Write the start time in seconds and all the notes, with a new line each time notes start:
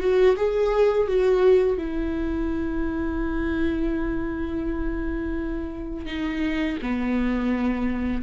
0.00 F#4
0.36 G#4
1.08 F#4
1.77 E4
6.06 D#4
6.82 B3